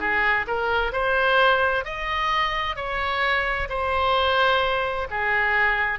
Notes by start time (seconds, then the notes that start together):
0.00 G#4
0.48 A#4
0.93 C5
1.85 D#5
2.76 C#5
3.69 C5
5.11 G#4